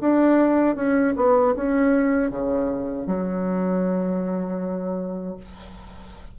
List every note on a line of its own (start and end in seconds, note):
0.00 0.76 D4
0.76 1.14 C#4
1.16 1.55 B3
1.56 2.30 C#4
2.30 3.06 C#3
3.06 5.37 F#3